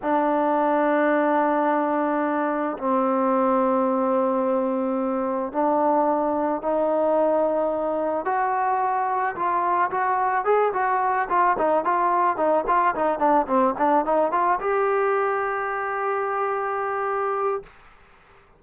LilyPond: \new Staff \with { instrumentName = "trombone" } { \time 4/4 \tempo 4 = 109 d'1~ | d'4 c'2.~ | c'2 d'2 | dis'2. fis'4~ |
fis'4 f'4 fis'4 gis'8 fis'8~ | fis'8 f'8 dis'8 f'4 dis'8 f'8 dis'8 | d'8 c'8 d'8 dis'8 f'8 g'4.~ | g'1 | }